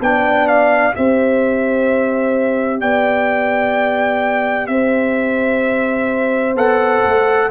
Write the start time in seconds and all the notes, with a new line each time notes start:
0.00 B3 D4 D5 G5
0.47 F5
0.92 C4 G4 C5 E5
2.80 B3 D5 G5
4.67 C4 C5 E5
6.54 B3 A4 F#5
7.05 A3